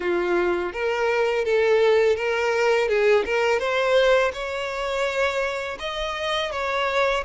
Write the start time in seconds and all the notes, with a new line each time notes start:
0.00 F4
0.72 A#4
1.45 A4
2.16 A#4
2.88 G#4
3.25 A#4
3.59 C5
4.33 C#5
5.79 D#5
6.51 C#5